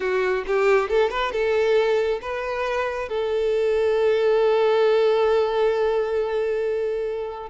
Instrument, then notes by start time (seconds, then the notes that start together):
violin
0.00 F#4
0.46 G4
0.89 A4
1.10 B4
1.32 A4
2.21 B4
3.09 A4